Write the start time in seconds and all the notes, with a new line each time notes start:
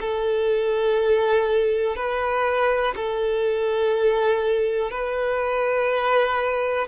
0.00 A4
1.96 B4
2.96 A4
4.90 B4